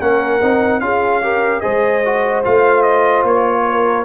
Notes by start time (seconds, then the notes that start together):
0.00 A#3 C#4 A#4 F#5
0.42 C4 D#4
0.80 C#4 F4 G#4 F5
1.22 G4 A#4
1.60 G#3 G#4 C5 D#5
2.05 F#4
2.44 A3 F4 F5
2.82 D#5
3.24 A#3 C#5
3.71 A#4